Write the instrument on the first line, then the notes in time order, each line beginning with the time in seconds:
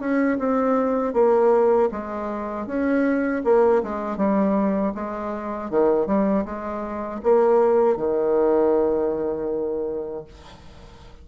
bassoon
0.00 C#4
0.39 C4
1.14 A#3
1.92 G#3
2.67 C#4
3.45 A#3
3.83 G#3
4.17 G3
4.95 G#3
5.71 D#3
6.07 G3
6.45 G#3
7.23 A#3
7.97 D#3